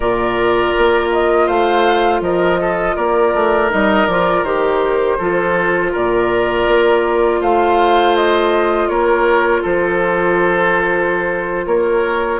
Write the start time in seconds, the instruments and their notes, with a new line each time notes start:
0.00 bassoon A#2, clarinet F4, oboe A#4, flute D5
0.77 bassoon A#3
1.11 flute D#5
1.46 bassoon A3, oboe C5, flute F5
2.21 bassoon F3, oboe A#4, flute D#5
2.60 oboe A4
2.96 bassoon A#3, oboe A#4, flute D5
3.34 bassoon A3
3.70 bassoon G3, clarinet D#4, flute D#5
4.06 bassoon F3, clarinet F4, flute D5
4.43 bassoon D#3, clarinet G4, flute C5
5.18 bassoon F3, clarinet F4, oboe A4
5.91 bassoon A#2, oboe A#4, flute D5
6.67 bassoon A#3
7.40 bassoon A3, oboe C5, flute F5
8.16 flute D#5
8.88 bassoon A#3, oboe A#4, flute C#5
9.62 bassoon F3, oboe A4, flute C5
11.66 bassoon A#3, oboe A#4, flute C#5